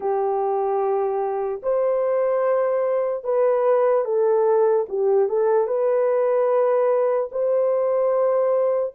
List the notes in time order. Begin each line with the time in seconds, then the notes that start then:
0.00 G4
1.62 C5
3.24 B4
4.04 A4
4.89 G4
5.28 A4
5.67 B4
7.31 C5